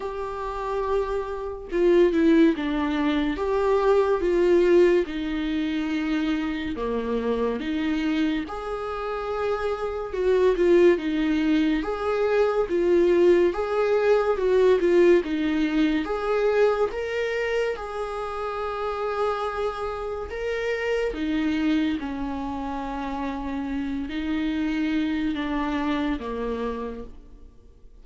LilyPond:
\new Staff \with { instrumentName = "viola" } { \time 4/4 \tempo 4 = 71 g'2 f'8 e'8 d'4 | g'4 f'4 dis'2 | ais4 dis'4 gis'2 | fis'8 f'8 dis'4 gis'4 f'4 |
gis'4 fis'8 f'8 dis'4 gis'4 | ais'4 gis'2. | ais'4 dis'4 cis'2~ | cis'8 dis'4. d'4 ais4 | }